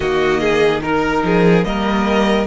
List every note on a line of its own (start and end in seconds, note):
0.00 1.23 D#3
0.00 0.82 A#3
0.00 0.40 F#4
0.00 0.81 D#5
0.40 0.81 G#4
0.82 1.64 D#4
0.82 1.23 A#4
0.82 1.64 A#4
1.23 1.64 F3
1.23 1.66 G#4
1.64 2.46 G3
1.64 2.46 A#3
1.64 2.46 A#4
1.64 2.46 D#5